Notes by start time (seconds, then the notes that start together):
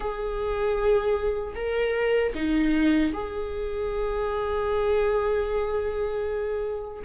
0.00 G#4
1.55 A#4
2.34 D#4
3.13 G#4